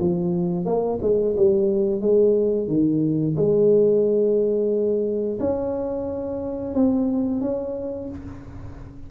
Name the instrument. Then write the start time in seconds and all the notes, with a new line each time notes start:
tuba
0.00 F3
0.66 A#3
1.02 G#3
1.37 G3
2.01 G#3
2.68 D#3
3.37 G#3
5.40 C#4
6.74 C4
7.42 C#4